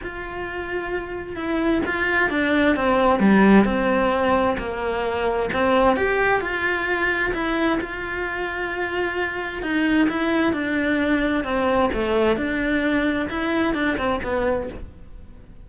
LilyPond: \new Staff \with { instrumentName = "cello" } { \time 4/4 \tempo 4 = 131 f'2. e'4 | f'4 d'4 c'4 g4 | c'2 ais2 | c'4 g'4 f'2 |
e'4 f'2.~ | f'4 dis'4 e'4 d'4~ | d'4 c'4 a4 d'4~ | d'4 e'4 d'8 c'8 b4 | }